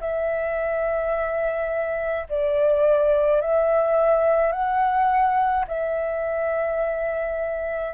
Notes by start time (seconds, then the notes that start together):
0.00 E5
2.29 D5
3.41 E5
4.51 F#5
5.67 E5